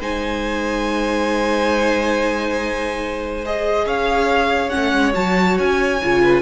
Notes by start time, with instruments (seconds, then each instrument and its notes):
0.00 cello G#3, viola D#4, violin C5 G#5
3.45 viola G#4, violin D#5
3.86 cello C#4, violin C#5 F5
4.70 cello A3, viola C#4, violin F#5
4.93 cello G#3
5.14 cello F#3, viola F#4, violin A5
5.59 cello C#4, violin G#5
6.03 cello C#3, viola F4
6.23 violin B4